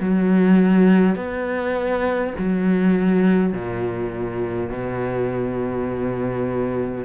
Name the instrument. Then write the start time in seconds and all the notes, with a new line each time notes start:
cello
0.00 F#3
1.16 B3
2.39 F#3
3.53 A#2
4.70 B2